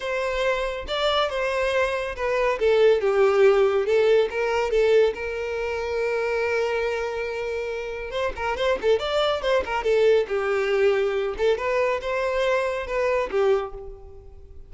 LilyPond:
\new Staff \with { instrumentName = "violin" } { \time 4/4 \tempo 4 = 140 c''2 d''4 c''4~ | c''4 b'4 a'4 g'4~ | g'4 a'4 ais'4 a'4 | ais'1~ |
ais'2. c''8 ais'8 | c''8 a'8 d''4 c''8 ais'8 a'4 | g'2~ g'8 a'8 b'4 | c''2 b'4 g'4 | }